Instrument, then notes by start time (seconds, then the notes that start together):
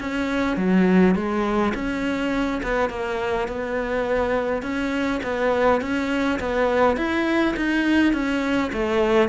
cello
0.00 C#4
0.57 F#3
1.15 G#3
1.74 C#4
2.63 B3
2.90 A#3
3.48 B3
4.63 C#4
5.23 B3
5.81 C#4
6.39 B3
6.97 E4
7.56 D#4
8.13 C#4
8.73 A3